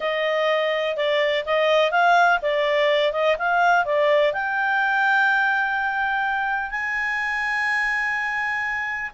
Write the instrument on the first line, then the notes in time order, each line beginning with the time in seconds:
clarinet
0.00 D#5
0.96 D5
1.45 D#5
1.91 F5
2.42 D5
3.12 D#5
3.38 F5
3.85 D5
4.33 G5
6.70 G#5